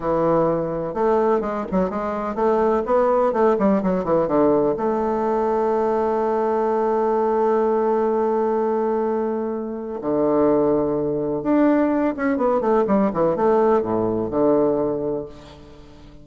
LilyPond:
\new Staff \with { instrumentName = "bassoon" } { \time 4/4 \tempo 4 = 126 e2 a4 gis8 fis8 | gis4 a4 b4 a8 g8 | fis8 e8 d4 a2~ | a1~ |
a1~ | a4 d2. | d'4. cis'8 b8 a8 g8 e8 | a4 a,4 d2 | }